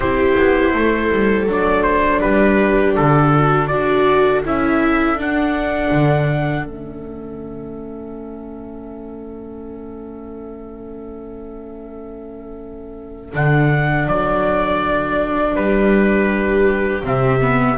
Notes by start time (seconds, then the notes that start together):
0.00 C4 E4 G4 C5
0.37 B3
0.73 A3 A4
1.11 G3
1.46 F#3 D4 D5
1.83 C5
2.20 G3 G4 B4
2.95 D3 A4
3.34 F#4
3.67 D4 F#4 A4 D5
4.44 C#4 E4 E5
5.15 D4
5.21 F#5
5.91 D3
6.64 A3 C#4 E5
13.32 D3 D4 F#5
14.07 F#3 D5
15.55 G3 G4 B4
17.02 C3 C4 E5
17.40 B3